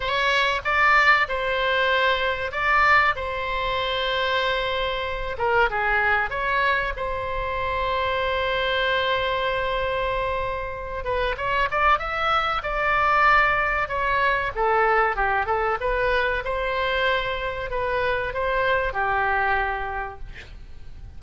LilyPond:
\new Staff \with { instrumentName = "oboe" } { \time 4/4 \tempo 4 = 95 cis''4 d''4 c''2 | d''4 c''2.~ | c''8 ais'8 gis'4 cis''4 c''4~ | c''1~ |
c''4. b'8 cis''8 d''8 e''4 | d''2 cis''4 a'4 | g'8 a'8 b'4 c''2 | b'4 c''4 g'2 | }